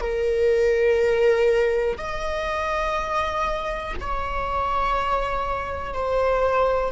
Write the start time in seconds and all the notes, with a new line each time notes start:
0.00 A#4
1.98 D#5
4.00 C#5
5.93 C5